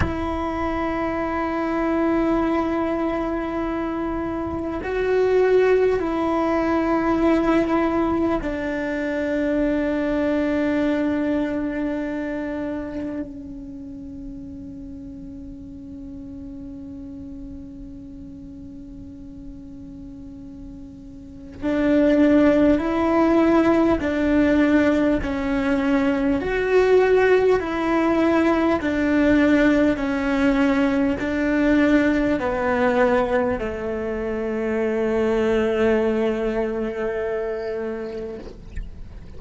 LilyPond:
\new Staff \with { instrumentName = "cello" } { \time 4/4 \tempo 4 = 50 e'1 | fis'4 e'2 d'4~ | d'2. cis'4~ | cis'1~ |
cis'2 d'4 e'4 | d'4 cis'4 fis'4 e'4 | d'4 cis'4 d'4 b4 | a1 | }